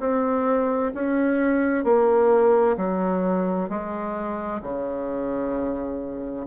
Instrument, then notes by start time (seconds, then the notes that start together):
bassoon
0.00 C4
0.94 C#4
1.85 A#3
2.77 F#3
3.70 G#3
4.62 C#3